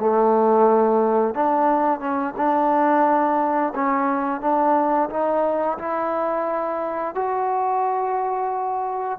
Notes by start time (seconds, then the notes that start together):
0.00 A3
1.35 D4
2.00 C#4
2.37 D4
3.76 C#4
4.41 D4
5.10 D#4
5.79 E4
7.15 F#4